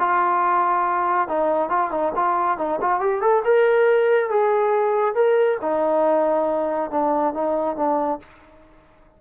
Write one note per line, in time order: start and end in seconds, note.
0.00 1.29 F4
1.29 1.70 D#4
1.70 1.91 F4
1.91 2.13 D#4
2.16 2.58 F4
2.58 2.80 D#4
2.81 3.01 F4
3.01 3.22 G4
3.22 3.44 A4
3.45 4.30 A#4
4.30 5.15 G#4
5.15 5.58 A#4
5.62 6.91 D#4
6.91 7.34 D4
7.34 7.77 D#4
7.77 8.20 D4